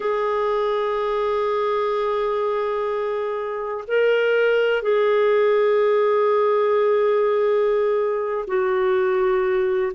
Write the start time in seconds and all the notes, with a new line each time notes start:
0.00 G#4
3.87 A#4
4.82 G#4
8.47 F#4